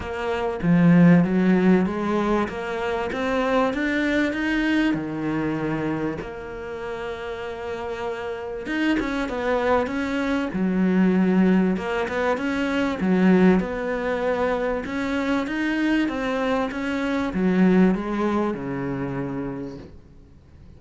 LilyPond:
\new Staff \with { instrumentName = "cello" } { \time 4/4 \tempo 4 = 97 ais4 f4 fis4 gis4 | ais4 c'4 d'4 dis'4 | dis2 ais2~ | ais2 dis'8 cis'8 b4 |
cis'4 fis2 ais8 b8 | cis'4 fis4 b2 | cis'4 dis'4 c'4 cis'4 | fis4 gis4 cis2 | }